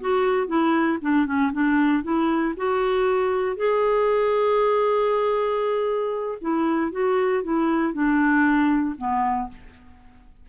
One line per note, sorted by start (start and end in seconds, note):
0.00 0.47 F#4
0.47 0.98 E4
1.01 1.26 D4
1.26 1.51 C#4
1.52 2.03 D4
2.03 2.54 E4
2.57 3.56 F#4
3.56 6.38 G#4
6.41 6.92 E4
6.92 7.43 F#4
7.43 7.93 E4
7.93 8.96 D4
8.97 9.49 B3